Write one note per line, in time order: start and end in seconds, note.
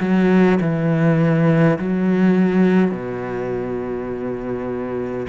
0.00 0.59 F#3
0.61 1.79 E3
1.79 2.91 F#3
2.91 5.27 B2